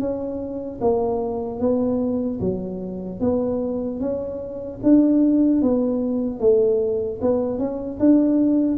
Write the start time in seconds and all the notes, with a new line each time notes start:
0.00 C#4
0.81 A#3
1.60 B3
2.40 F#3
3.20 B3
4.00 C#4
4.83 D4
5.62 B3
6.40 A3
7.22 B3
7.59 C#4
8.00 D4